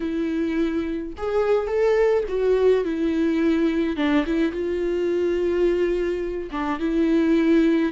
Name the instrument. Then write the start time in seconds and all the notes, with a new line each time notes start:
viola
0.00 E4
1.17 G#4
1.67 A4
2.28 F#4
2.84 E4
3.96 D4
4.26 E4
4.51 F4
6.51 D4
6.79 E4